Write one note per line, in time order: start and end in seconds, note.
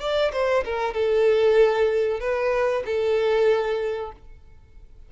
0.00 0.32 D5
0.32 0.64 C5
0.65 0.94 A#4
0.94 2.20 A4
2.20 2.83 B4
2.85 4.12 A4